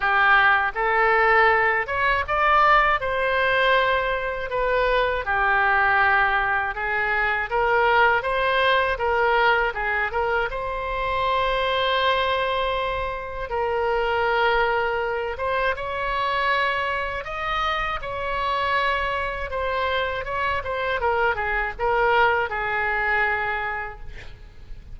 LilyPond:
\new Staff \with { instrumentName = "oboe" } { \time 4/4 \tempo 4 = 80 g'4 a'4. cis''8 d''4 | c''2 b'4 g'4~ | g'4 gis'4 ais'4 c''4 | ais'4 gis'8 ais'8 c''2~ |
c''2 ais'2~ | ais'8 c''8 cis''2 dis''4 | cis''2 c''4 cis''8 c''8 | ais'8 gis'8 ais'4 gis'2 | }